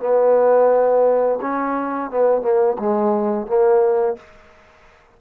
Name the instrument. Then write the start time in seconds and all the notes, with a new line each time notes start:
trombone
0.00 B3
1.41 C#4
2.11 B3
2.42 A#3
2.79 G#3
3.47 A#3